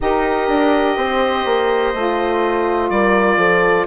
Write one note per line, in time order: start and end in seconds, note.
0.00 0.48 D#4
0.00 1.94 G4
0.00 0.98 A#4
0.00 2.90 D#5
0.48 0.96 D4
0.96 1.44 C4
0.96 2.91 C5
1.45 1.93 A#3
1.94 2.90 A3
1.94 3.87 F4
2.90 3.37 G3
2.90 3.37 A#4
2.90 3.86 D5
3.37 3.85 F3
3.37 3.85 A4